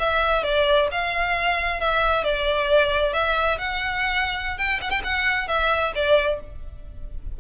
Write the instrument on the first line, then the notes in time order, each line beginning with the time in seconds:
violin
0.00 E5
0.44 D5
0.92 F5
1.81 E5
2.24 D5
3.14 E5
3.59 F#5
4.58 G5
4.82 F#5
4.91 G5
5.04 F#5
5.48 E5
5.95 D5